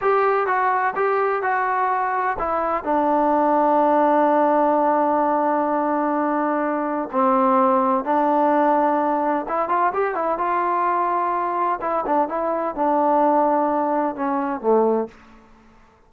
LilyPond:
\new Staff \with { instrumentName = "trombone" } { \time 4/4 \tempo 4 = 127 g'4 fis'4 g'4 fis'4~ | fis'4 e'4 d'2~ | d'1~ | d'2. c'4~ |
c'4 d'2. | e'8 f'8 g'8 e'8 f'2~ | f'4 e'8 d'8 e'4 d'4~ | d'2 cis'4 a4 | }